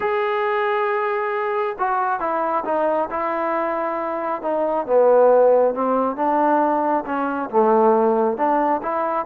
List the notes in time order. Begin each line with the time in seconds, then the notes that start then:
0.00 G#4
1.78 F#4
2.20 E4
2.65 D#4
3.10 E4
4.42 D#4
4.86 B3
5.74 C4
6.16 D4
7.05 C#4
7.50 A3
8.37 D4
8.82 E4